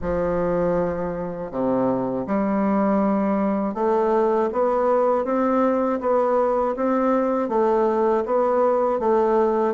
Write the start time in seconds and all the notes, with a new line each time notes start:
0.01 F3
1.51 C3
2.26 G3
3.74 A3
4.52 B3
5.24 C4
6.00 B3
6.76 C4
7.48 A3
8.25 B3
8.99 A3